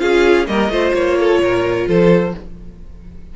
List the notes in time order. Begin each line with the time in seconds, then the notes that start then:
0.00 C#4 F4 G#4 F5
0.47 G3 A#3 A#4 D#5
0.69 A3 F4 C5
0.94 A#3 C#5
1.19 A4
1.39 A#2 A#4
1.88 F3 A4 C5